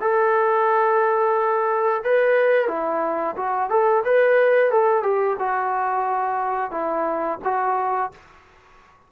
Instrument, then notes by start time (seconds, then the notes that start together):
trombone
0.00 A4
2.03 B4
2.68 E4
3.36 F#4
3.69 A4
4.04 B4
4.71 A4
5.03 G4
5.39 F#4
6.71 E4
7.44 F#4